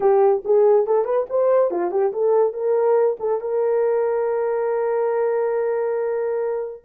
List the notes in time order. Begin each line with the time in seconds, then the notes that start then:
0.00 G4
0.44 G#4
0.86 A4
1.04 B4
1.29 C5
1.70 F4
1.91 G4
2.12 A4
2.53 A#4
3.19 A4
3.40 A#4